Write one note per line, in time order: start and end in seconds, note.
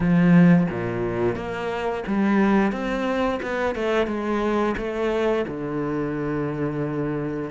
0.00 0.67 F3
0.70 1.35 A#2
1.35 2.03 A#3
2.07 2.71 G3
2.71 3.40 C4
3.42 3.75 B3
3.75 4.07 A3
4.07 4.75 G#3
4.77 5.45 A3
5.47 7.50 D3